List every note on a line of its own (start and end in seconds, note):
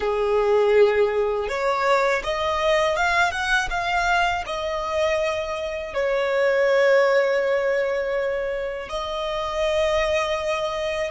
0.00 1.48 G#4
1.48 2.22 C#5
2.23 2.96 D#5
2.96 3.31 F5
3.31 3.68 F#5
3.70 4.44 F5
4.45 5.94 D#5
5.94 8.89 C#5
8.89 11.11 D#5